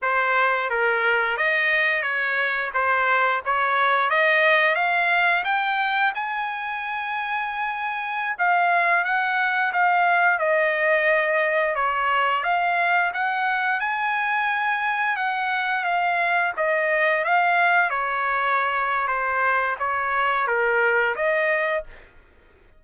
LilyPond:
\new Staff \with { instrumentName = "trumpet" } { \time 4/4 \tempo 4 = 88 c''4 ais'4 dis''4 cis''4 | c''4 cis''4 dis''4 f''4 | g''4 gis''2.~ | gis''16 f''4 fis''4 f''4 dis''8.~ |
dis''4~ dis''16 cis''4 f''4 fis''8.~ | fis''16 gis''2 fis''4 f''8.~ | f''16 dis''4 f''4 cis''4.~ cis''16 | c''4 cis''4 ais'4 dis''4 | }